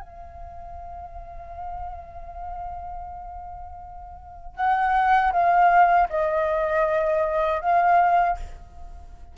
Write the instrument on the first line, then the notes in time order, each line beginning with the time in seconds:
flute
0.00 F5
4.56 F#5
5.32 F5
6.09 D#5
7.61 F5